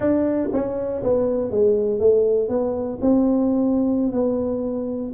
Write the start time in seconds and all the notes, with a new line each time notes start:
0.00 D4
0.53 C#4
1.03 B3
1.50 G#3
1.99 A3
2.49 B3
3.01 C4
4.12 B3